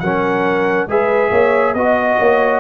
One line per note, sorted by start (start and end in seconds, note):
0.00 0.87 F#3
0.00 0.89 C#4
0.00 0.89 A#4
0.00 0.87 F#5
0.87 1.31 G#3
0.87 1.76 G#4
0.87 1.30 B4
0.87 1.74 E5
1.30 1.74 A#3
1.30 1.74 C#5
1.74 2.18 B3
1.74 2.60 F#4
1.74 2.60 D#5
1.74 2.19 D#5
2.19 2.60 A#3
2.19 2.60 C#5